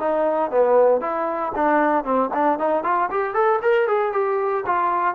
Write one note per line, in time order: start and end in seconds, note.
0.00 0.51 D#4
0.51 1.01 B3
1.01 1.53 E4
1.56 2.05 D4
2.05 2.30 C4
2.34 2.59 D4
2.59 2.84 D#4
2.84 3.10 F4
3.11 3.34 G4
3.34 3.60 A4
3.62 3.88 A#4
3.88 4.13 G#4
4.13 4.65 G4
4.66 5.15 F4